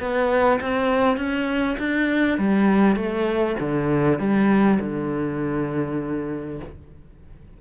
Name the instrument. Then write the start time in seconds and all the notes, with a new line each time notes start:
cello
0.00 B3
0.61 C4
1.17 C#4
1.79 D4
2.39 G3
2.96 A3
3.60 D3
4.19 G3
4.80 D3